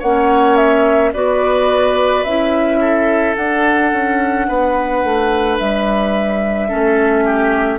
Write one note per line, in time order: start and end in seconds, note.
0.00 1.13 A#3
0.00 1.14 C#4
0.00 1.11 C#5
0.00 0.57 F#5
0.57 1.12 E5
1.13 2.25 B3
1.13 2.25 F#4
1.13 2.80 B4
1.13 2.24 D5
2.24 3.36 C#4
2.24 3.36 E4
2.24 3.35 E5
2.81 4.47 A4
3.36 6.69 D4
3.36 3.93 D4
3.36 5.59 F#5
3.93 4.48 C#4
4.48 5.04 B3
4.48 6.69 B4
5.04 5.60 A3
5.59 6.72 G3
5.59 7.80 E5
6.69 7.80 A3
6.69 7.80 C#4
6.69 7.24 A4
7.25 7.80 G4